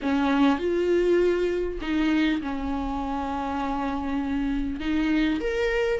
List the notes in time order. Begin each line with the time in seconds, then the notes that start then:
0.01 C#4
0.58 F4
1.81 D#4
2.41 C#4
4.80 D#4
5.40 A#4